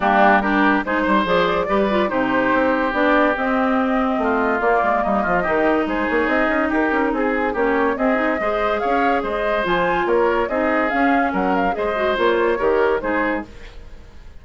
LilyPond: <<
  \new Staff \with { instrumentName = "flute" } { \time 4/4 \tempo 4 = 143 g'4 ais'4 c''4 d''4~ | d''4 c''2 d''4 | dis''2. d''4 | dis''2 c''8 cis''8 dis''4 |
ais'4 gis'4 cis''4 dis''4~ | dis''4 f''4 dis''4 gis''4 | cis''4 dis''4 f''4 fis''8 f''8 | dis''4 cis''2 c''4 | }
  \new Staff \with { instrumentName = "oboe" } { \time 4/4 d'4 g'4 gis'8 c''4. | b'4 g'2.~ | g'2 f'2 | dis'8 f'8 g'4 gis'2 |
g'4 gis'4 g'4 gis'4 | c''4 cis''4 c''2 | ais'4 gis'2 ais'4 | c''2 ais'4 gis'4 | }
  \new Staff \with { instrumentName = "clarinet" } { \time 4/4 ais4 d'4 dis'4 gis'4 | g'8 f'8 dis'2 d'4 | c'2. ais4~ | ais4 dis'2.~ |
dis'2 cis'4 c'8 dis'8 | gis'2. f'4~ | f'4 dis'4 cis'2 | gis'8 fis'8 f'4 g'4 dis'4 | }
  \new Staff \with { instrumentName = "bassoon" } { \time 4/4 g2 gis8 g8 f4 | g4 c4 c'4 b4 | c'2 a4 ais8 gis8 | g8 f8 dis4 gis8 ais8 c'8 cis'8 |
dis'8 cis'8 c'4 ais4 c'4 | gis4 cis'4 gis4 f4 | ais4 c'4 cis'4 fis4 | gis4 ais4 dis4 gis4 | }
>>